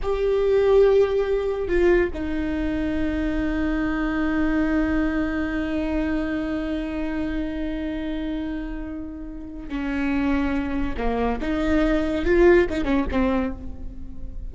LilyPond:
\new Staff \with { instrumentName = "viola" } { \time 4/4 \tempo 4 = 142 g'1 | f'4 dis'2.~ | dis'1~ | dis'1~ |
dis'1~ | dis'2. cis'4~ | cis'2 ais4 dis'4~ | dis'4 f'4 dis'8 cis'8 c'4 | }